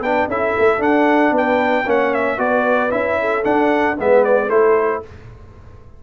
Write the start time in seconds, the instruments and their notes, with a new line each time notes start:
0.00 tuba B3, trombone D4, horn B4, trumpet G5
0.27 tuba C#4, trombone E4, horn A4, trumpet E5
0.58 tuba A3
0.79 tuba D4, trombone D4, trumpet F#5
1.31 tuba B3, horn B4
1.37 trumpet G5
1.84 tuba A#3, trombone C#4, horn C#5, trumpet F#5
2.14 trumpet E5
2.37 tuba B3, trombone F#4, horn B4, trumpet D5
2.90 tuba C#4, trombone E4, trumpet E5
3.20 horn A4
3.44 trombone D4, tuba D4, trumpet F#5
3.96 tuba G#3, trombone B3, horn B4, trumpet E5
4.24 trumpet D5
4.46 tuba A3, trombone E4, horn A4, trumpet C5